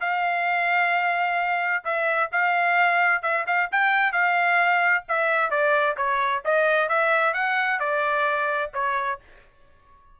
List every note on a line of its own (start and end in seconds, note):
0.00 1.83 F5
1.84 2.30 E5
2.32 3.22 F5
3.22 3.45 E5
3.46 3.69 F5
3.71 4.12 G5
4.12 5.04 F5
5.08 5.50 E5
5.50 5.96 D5
5.97 6.42 C#5
6.45 6.89 D#5
6.89 7.33 E5
7.33 7.79 F#5
7.79 8.71 D5
8.73 9.19 C#5